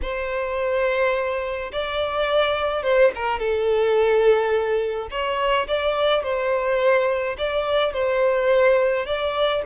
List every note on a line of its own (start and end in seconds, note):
0.02 1.71 C5
1.72 2.82 D5
2.82 3.11 C5
3.15 3.39 A#4
3.39 5.08 A4
5.10 5.67 C#5
5.67 6.23 D5
6.23 7.36 C5
7.37 7.93 D5
7.93 9.06 C5
9.06 9.62 D5